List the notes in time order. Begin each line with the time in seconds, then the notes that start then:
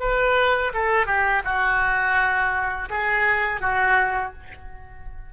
0.00 B4
0.74 A4
1.06 G4
1.45 F#4
2.89 G#4
3.61 F#4